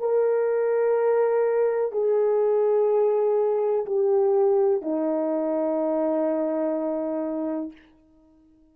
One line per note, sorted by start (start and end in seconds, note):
0.00 1.92 A#4
1.92 3.85 G#4
3.86 4.82 G4
4.82 7.72 D#4